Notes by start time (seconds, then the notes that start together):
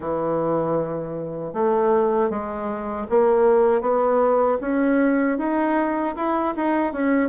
0.00 E3
1.53 A3
2.30 G#3
3.09 A#3
3.81 B3
4.60 C#4
5.38 D#4
6.16 E4
6.56 D#4
6.92 C#4